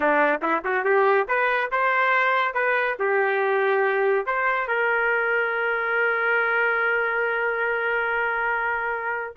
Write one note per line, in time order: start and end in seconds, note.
0.00 0.40 D4
0.42 0.63 E4
0.64 0.84 F#4
0.84 1.27 G4
1.28 1.70 B4
1.71 2.54 C5
2.54 2.96 B4
2.99 4.26 G4
4.26 4.67 C5
4.67 9.35 A#4